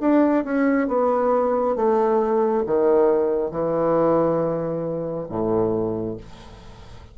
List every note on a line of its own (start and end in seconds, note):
0.00 0.44 D4
0.44 0.88 C#4
0.88 1.76 B3
1.76 2.64 A3
2.66 3.51 D#3
3.51 5.27 E3
5.29 6.17 A2